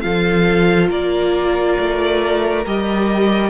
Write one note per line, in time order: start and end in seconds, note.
0.00 0.90 F3
0.00 2.63 F4
0.00 0.89 A4
0.00 0.87 F5
0.89 1.77 A#3
0.89 3.50 A#4
0.89 2.65 D5
1.78 2.65 A3
2.66 3.50 G3
2.66 3.50 G4
2.66 3.50 D#5